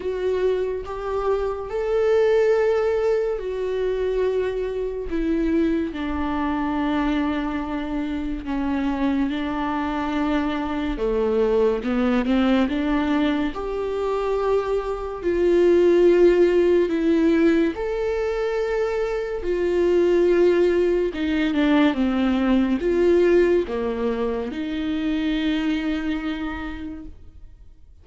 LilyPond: \new Staff \with { instrumentName = "viola" } { \time 4/4 \tempo 4 = 71 fis'4 g'4 a'2 | fis'2 e'4 d'4~ | d'2 cis'4 d'4~ | d'4 a4 b8 c'8 d'4 |
g'2 f'2 | e'4 a'2 f'4~ | f'4 dis'8 d'8 c'4 f'4 | ais4 dis'2. | }